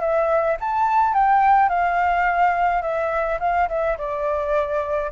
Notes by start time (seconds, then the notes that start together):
0.00 E5
0.60 A5
1.13 G5
1.69 F5
2.82 E5
3.40 F5
3.68 E5
3.98 D5